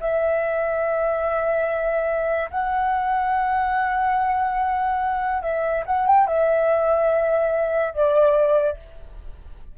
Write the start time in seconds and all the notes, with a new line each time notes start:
0.00 E5
2.51 F#5
5.42 E5
5.86 F#5
6.06 G5
6.27 E5
7.94 D5